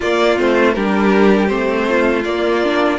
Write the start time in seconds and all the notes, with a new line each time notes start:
0.00 A#3 F4 D5
0.37 A3 C4 C5
0.73 G3 D4 G4 A#4
1.47 A3 C4 C5
1.88 F4
2.24 A#3 D5
2.64 D4